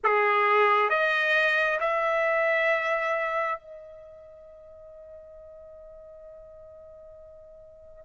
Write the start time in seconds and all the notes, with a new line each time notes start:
0.03 G#4
0.90 D#5
1.80 E5
3.59 D#5